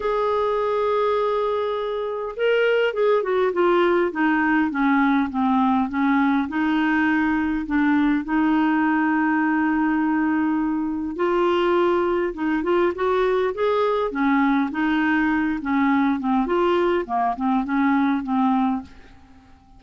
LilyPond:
\new Staff \with { instrumentName = "clarinet" } { \time 4/4 \tempo 4 = 102 gis'1 | ais'4 gis'8 fis'8 f'4 dis'4 | cis'4 c'4 cis'4 dis'4~ | dis'4 d'4 dis'2~ |
dis'2. f'4~ | f'4 dis'8 f'8 fis'4 gis'4 | cis'4 dis'4. cis'4 c'8 | f'4 ais8 c'8 cis'4 c'4 | }